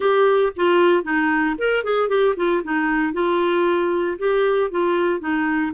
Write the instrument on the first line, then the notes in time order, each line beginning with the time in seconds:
clarinet
0.00 G4
0.55 F4
1.03 D#4
1.58 A#4
1.84 G#4
2.08 G4
2.36 F4
2.63 D#4
3.13 F4
4.18 G4
4.70 F4
5.19 D#4